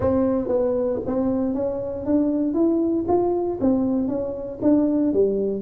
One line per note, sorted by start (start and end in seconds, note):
0.00 0.48 C4
0.48 0.99 B3
1.06 1.54 C4
1.54 2.05 C#4
2.05 2.54 D4
2.54 3.05 E4
3.07 3.59 F4
3.60 4.08 C4
4.08 4.59 C#4
4.62 5.13 D4
5.13 5.61 G3